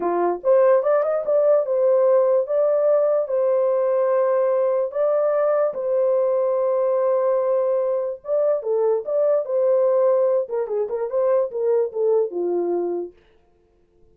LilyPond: \new Staff \with { instrumentName = "horn" } { \time 4/4 \tempo 4 = 146 f'4 c''4 d''8 dis''8 d''4 | c''2 d''2 | c''1 | d''2 c''2~ |
c''1 | d''4 a'4 d''4 c''4~ | c''4. ais'8 gis'8 ais'8 c''4 | ais'4 a'4 f'2 | }